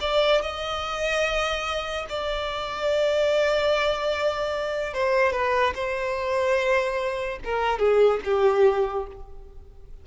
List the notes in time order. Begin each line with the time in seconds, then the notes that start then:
0.00 D5
0.41 D#5
2.09 D5
4.93 C5
5.32 B4
5.75 C5
7.44 A#4
7.79 G#4
8.24 G4